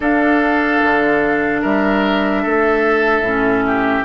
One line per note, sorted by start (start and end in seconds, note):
0.00 0.80 D4
0.00 3.25 D4
0.00 1.61 A4
0.00 1.62 F5
0.83 1.64 D3
1.61 2.45 G3
1.61 2.42 A#4
1.61 4.04 E5
2.42 3.20 A3
2.42 3.64 A4
3.20 4.01 A2
3.20 4.04 C#4
3.66 4.04 G4